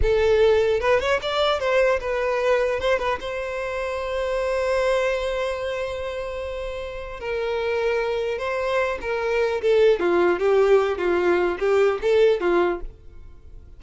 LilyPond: \new Staff \with { instrumentName = "violin" } { \time 4/4 \tempo 4 = 150 a'2 b'8 cis''8 d''4 | c''4 b'2 c''8 b'8 | c''1~ | c''1~ |
c''2 ais'2~ | ais'4 c''4. ais'4. | a'4 f'4 g'4. f'8~ | f'4 g'4 a'4 f'4 | }